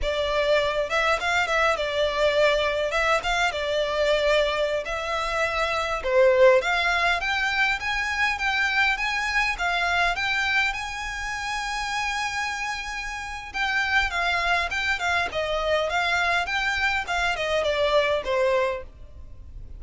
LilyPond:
\new Staff \with { instrumentName = "violin" } { \time 4/4 \tempo 4 = 102 d''4. e''8 f''8 e''8 d''4~ | d''4 e''8 f''8 d''2~ | d''16 e''2 c''4 f''8.~ | f''16 g''4 gis''4 g''4 gis''8.~ |
gis''16 f''4 g''4 gis''4.~ gis''16~ | gis''2. g''4 | f''4 g''8 f''8 dis''4 f''4 | g''4 f''8 dis''8 d''4 c''4 | }